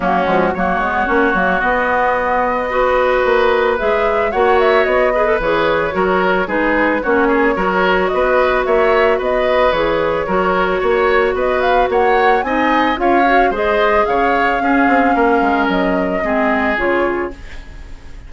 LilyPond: <<
  \new Staff \with { instrumentName = "flute" } { \time 4/4 \tempo 4 = 111 fis'4 cis''2 dis''4~ | dis''2. e''4 | fis''8 e''8 dis''4 cis''2 | b'4 cis''2 dis''4 |
e''4 dis''4 cis''2~ | cis''4 dis''8 f''8 fis''4 gis''4 | f''4 dis''4 f''2~ | f''4 dis''2 cis''4 | }
  \new Staff \with { instrumentName = "oboe" } { \time 4/4 cis'4 fis'2.~ | fis'4 b'2. | cis''4. b'4. ais'4 | gis'4 fis'8 gis'8 ais'4 b'4 |
cis''4 b'2 ais'4 | cis''4 b'4 cis''4 dis''4 | cis''4 c''4 cis''4 gis'4 | ais'2 gis'2 | }
  \new Staff \with { instrumentName = "clarinet" } { \time 4/4 ais8 gis8 ais8 b8 cis'8 ais8 b4~ | b4 fis'2 gis'4 | fis'4. gis'16 a'16 gis'4 fis'4 | dis'4 cis'4 fis'2~ |
fis'2 gis'4 fis'4~ | fis'2. dis'4 | f'8 fis'8 gis'2 cis'4~ | cis'2 c'4 f'4 | }
  \new Staff \with { instrumentName = "bassoon" } { \time 4/4 fis8 f8 fis8 gis8 ais8 fis8 b4~ | b2 ais4 gis4 | ais4 b4 e4 fis4 | gis4 ais4 fis4 b4 |
ais4 b4 e4 fis4 | ais4 b4 ais4 c'4 | cis'4 gis4 cis4 cis'8 c'8 | ais8 gis8 fis4 gis4 cis4 | }
>>